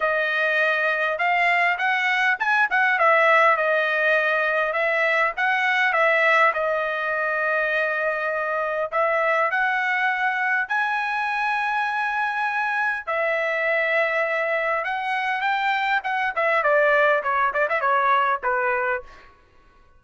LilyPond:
\new Staff \with { instrumentName = "trumpet" } { \time 4/4 \tempo 4 = 101 dis''2 f''4 fis''4 | gis''8 fis''8 e''4 dis''2 | e''4 fis''4 e''4 dis''4~ | dis''2. e''4 |
fis''2 gis''2~ | gis''2 e''2~ | e''4 fis''4 g''4 fis''8 e''8 | d''4 cis''8 d''16 e''16 cis''4 b'4 | }